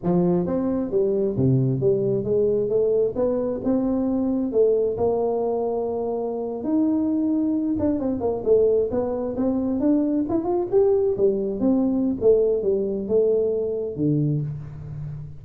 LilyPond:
\new Staff \with { instrumentName = "tuba" } { \time 4/4 \tempo 4 = 133 f4 c'4 g4 c4 | g4 gis4 a4 b4 | c'2 a4 ais4~ | ais2~ ais8. dis'4~ dis'16~ |
dis'4~ dis'16 d'8 c'8 ais8 a4 b16~ | b8. c'4 d'4 e'8 f'8 g'16~ | g'8. g4 c'4~ c'16 a4 | g4 a2 d4 | }